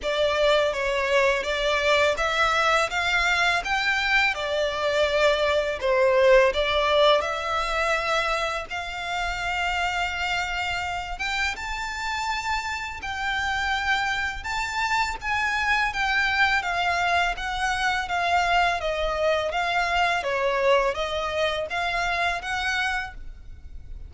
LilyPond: \new Staff \with { instrumentName = "violin" } { \time 4/4 \tempo 4 = 83 d''4 cis''4 d''4 e''4 | f''4 g''4 d''2 | c''4 d''4 e''2 | f''2.~ f''8 g''8 |
a''2 g''2 | a''4 gis''4 g''4 f''4 | fis''4 f''4 dis''4 f''4 | cis''4 dis''4 f''4 fis''4 | }